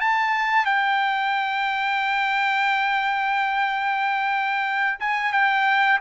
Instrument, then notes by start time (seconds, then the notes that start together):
trumpet
0.00 A5
0.65 G5
5.00 G#5
5.33 G5